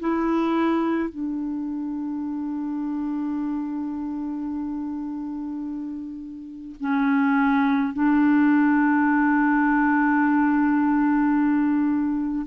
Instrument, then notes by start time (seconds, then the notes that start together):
clarinet
0.00 E4
1.10 D4
6.81 C#4
7.94 D4